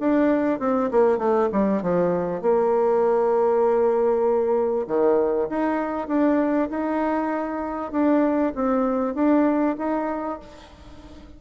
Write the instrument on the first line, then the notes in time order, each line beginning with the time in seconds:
bassoon
0.00 D4
0.60 C4
0.91 A#3
1.19 A3
1.53 G3
1.83 F3
2.42 A#3
4.88 D#3
5.50 D#4
6.08 D4
6.70 D#4
7.92 D4
8.55 C4
9.15 D4
9.79 D#4